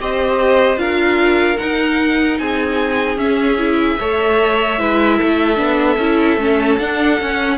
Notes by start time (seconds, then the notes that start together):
0.00 C4 G4 C5 D#5
0.77 D4 F4 A#4 F5
1.57 D#4 F#5
2.38 C4 G#4 G#5
3.16 C#4 E5
3.58 E4
3.99 A3 A4 C#5
4.79 G#3 E4 B4
5.17 A4
5.23 A3
5.56 B3 D4
5.97 C#4 E4
6.37 A3 C#4
6.78 D4 F#5
7.20 C#4